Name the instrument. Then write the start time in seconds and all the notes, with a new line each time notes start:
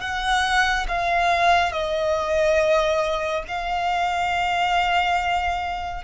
violin
0.00 F#5
0.88 F5
1.72 D#5
3.48 F5